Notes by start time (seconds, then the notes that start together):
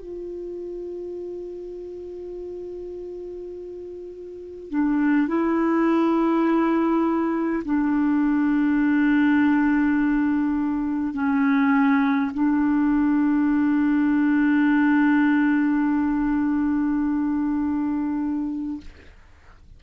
0.00 F4
4.70 D4
5.28 E4
7.65 D4
11.14 C#4
12.34 D4